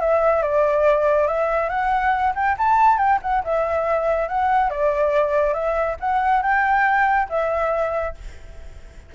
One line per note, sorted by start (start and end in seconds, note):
0.00 0.43 E5
0.43 1.27 D5
1.27 1.69 E5
1.69 2.34 F#5
2.35 2.57 G5
2.58 2.98 A5
2.98 3.19 G5
3.22 3.43 F#5
3.44 4.28 E5
4.28 4.70 F#5
4.70 5.54 D5
5.54 5.97 E5
6.00 6.43 F#5
6.43 7.28 G5
7.29 8.15 E5